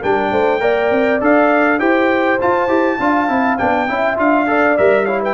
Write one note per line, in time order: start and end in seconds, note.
0.00 0.31 G3
0.00 0.60 D4
0.00 0.30 A#4
0.00 1.21 G5
0.30 0.61 A3
0.30 0.60 C5
0.60 0.90 A#3
0.60 1.19 A#4
0.60 1.79 D5
0.90 1.20 C4
1.20 1.80 D4
1.20 1.79 A4
1.20 1.79 F5
1.79 2.39 E4
1.79 2.38 G4
1.79 2.97 C5
1.79 2.38 G5
2.40 2.68 F4
2.40 3.57 A5
2.68 2.97 E4
2.68 2.98 G4
2.98 3.28 D4
2.98 3.28 F4
2.98 3.87 F5
3.28 3.58 C4
3.28 3.58 E4
3.57 3.88 B3
3.57 3.88 D4
3.57 4.17 G5
3.88 4.18 C#4
3.88 4.16 E4
3.88 4.48 E5
4.16 4.77 D4
4.16 4.46 F4
4.16 4.77 F5
4.46 4.76 A4
4.46 5.05 D5
4.77 5.34 G3
4.77 5.07 A#4
4.77 5.05 E5
5.05 5.34 E4
5.05 5.19 C#5
5.05 5.20 F5
5.21 5.34 B4
5.21 5.34 G5